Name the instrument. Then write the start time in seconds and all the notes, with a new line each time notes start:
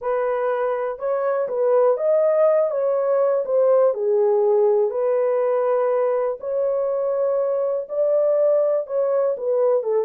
horn
0.01 B4
0.98 C#5
1.48 B4
1.97 D#5
2.70 C#5
3.45 C5
3.94 G#4
4.90 B4
6.40 C#5
7.88 D5
8.87 C#5
9.37 B4
9.83 A4